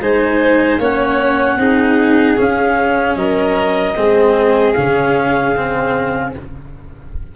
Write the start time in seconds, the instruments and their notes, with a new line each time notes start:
0.00 tuba G#3, cello D#4, violin C5, clarinet G#5
0.78 tuba A#3, cello C#4, violin C#5, clarinet F#5
1.56 tuba C4, cello D#4, violin G#4
2.37 cello C#4, tuba C#4, clarinet F5
3.15 tuba F#3, violin A#4, clarinet D#5
3.96 tuba G#3, cello C4, violin G#4
4.73 tuba C#3, cello C#4, clarinet F5
5.56 cello C4